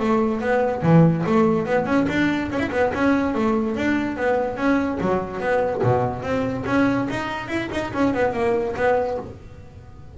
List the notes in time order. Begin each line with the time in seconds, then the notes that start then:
0.00 A3
0.41 B3
0.83 E3
1.27 A3
1.66 B3
1.86 C#4
2.09 D4
2.52 C#4
2.60 E4
2.72 B3
2.95 C#4
3.35 A3
3.77 D4
4.17 B3
4.57 C#4
5.01 F#3
5.41 B3
5.83 B2
6.23 C4
6.67 C#4
7.11 D#4
7.49 E4
7.72 D#4
7.94 C#4
8.14 B3
8.34 A#3
8.77 B3